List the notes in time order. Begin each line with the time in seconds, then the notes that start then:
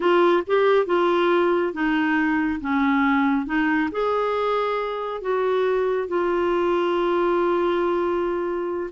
0.00 F4
0.46 G4
0.86 F4
1.73 D#4
2.61 C#4
3.46 D#4
3.91 G#4
5.21 F#4
6.08 F4